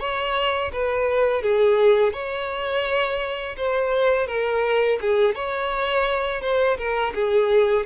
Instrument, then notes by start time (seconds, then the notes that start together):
violin
0.00 C#5
0.72 B4
1.43 G#4
2.13 C#5
3.57 C5
4.27 A#4
5.01 G#4
5.35 C#5
6.42 C5
6.78 A#4
7.15 G#4